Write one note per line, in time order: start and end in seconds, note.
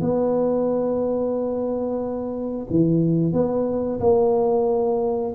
0.00 2.67 B3
2.70 3.32 E3
3.32 3.99 B3
4.00 5.33 A#3